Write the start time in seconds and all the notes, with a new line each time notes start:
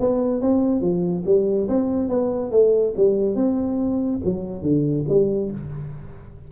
0.00 B3
0.41 C4
0.81 F3
1.26 G3
1.69 C4
2.09 B3
2.51 A3
2.97 G3
3.35 C4
4.25 F#3
4.62 D3
5.09 G3